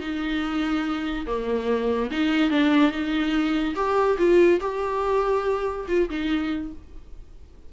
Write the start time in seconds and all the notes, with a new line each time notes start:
0.00 D#4
1.26 A#3
2.11 D#4
2.50 D4
2.91 D#4
3.75 G4
4.18 F4
4.61 G4
5.88 F4
6.10 D#4